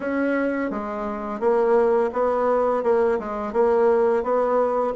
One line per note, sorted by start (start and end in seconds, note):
0.00 0.70 C#4
0.70 1.39 G#3
1.39 2.10 A#3
2.12 2.83 B3
2.83 3.18 A#3
3.19 3.52 G#3
3.52 4.23 A#3
4.23 4.93 B3